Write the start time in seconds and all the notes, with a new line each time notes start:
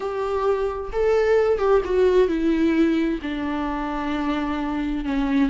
0.00 G4
0.92 A4
1.58 G4
1.84 F#4
2.28 E4
3.21 D4
5.04 C#4